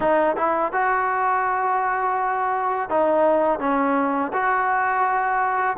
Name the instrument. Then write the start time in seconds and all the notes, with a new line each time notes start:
trombone
0.00 D#4
0.36 E4
0.72 F#4
2.89 D#4
3.59 C#4
4.33 F#4